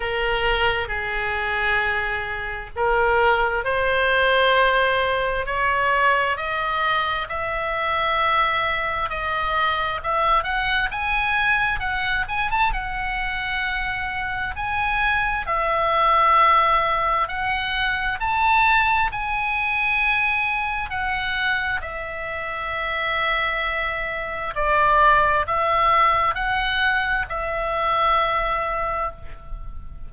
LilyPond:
\new Staff \with { instrumentName = "oboe" } { \time 4/4 \tempo 4 = 66 ais'4 gis'2 ais'4 | c''2 cis''4 dis''4 | e''2 dis''4 e''8 fis''8 | gis''4 fis''8 gis''16 a''16 fis''2 |
gis''4 e''2 fis''4 | a''4 gis''2 fis''4 | e''2. d''4 | e''4 fis''4 e''2 | }